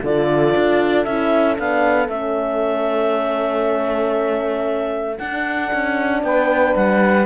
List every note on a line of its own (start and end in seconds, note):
0.00 0.54 D3
0.00 1.08 F4
0.00 6.21 A4
0.00 1.04 D5
0.56 1.06 D4
1.04 1.58 C#4
1.04 1.56 E4
1.04 1.56 E5
1.56 2.08 B3
1.56 2.07 D4
1.56 2.08 F5
2.08 5.19 A3
2.08 5.19 C#4
2.08 5.18 E5
5.18 5.71 D4
5.18 7.25 D4
5.18 6.22 F#5
5.73 6.23 C#4
6.23 6.75 B3
6.23 7.25 B4
6.23 6.75 G5
6.76 7.25 G3
6.76 7.25 F#5